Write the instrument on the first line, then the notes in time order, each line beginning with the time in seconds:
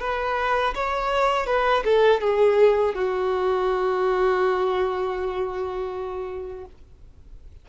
violin
0.00 B4
0.74 C#5
1.46 B4
1.85 A4
2.21 G#4
2.95 F#4